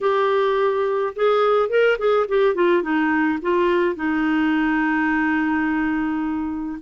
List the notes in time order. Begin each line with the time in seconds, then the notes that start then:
0.00 G4
1.15 G#4
1.69 A#4
1.98 G#4
2.28 G4
2.54 F4
2.82 D#4
3.42 F4
3.95 D#4